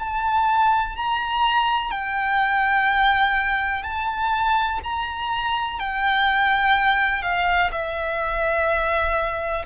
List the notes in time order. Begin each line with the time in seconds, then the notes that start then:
0.00 A5
0.97 A#5
1.91 G5
3.83 A5
4.84 A#5
5.80 G5
7.23 F5
7.72 E5